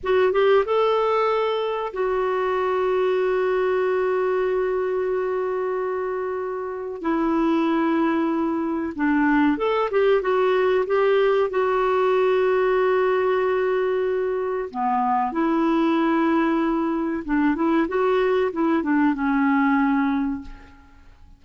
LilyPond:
\new Staff \with { instrumentName = "clarinet" } { \time 4/4 \tempo 4 = 94 fis'8 g'8 a'2 fis'4~ | fis'1~ | fis'2. e'4~ | e'2 d'4 a'8 g'8 |
fis'4 g'4 fis'2~ | fis'2. b4 | e'2. d'8 e'8 | fis'4 e'8 d'8 cis'2 | }